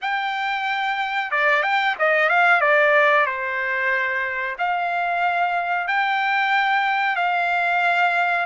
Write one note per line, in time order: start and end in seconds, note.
0.01 1.31 G5
1.31 1.62 D5
1.62 1.95 G5
1.99 2.29 D#5
2.29 2.61 F5
2.61 3.25 D5
3.25 4.56 C5
4.58 5.87 F5
5.87 7.16 G5
7.16 8.46 F5